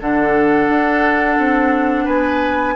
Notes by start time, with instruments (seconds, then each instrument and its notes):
0.00 bassoon D3, clarinet D4, oboe A4, flute F#5
0.68 bassoon D4
1.38 bassoon C4
2.04 bassoon B3, oboe B4, flute G#5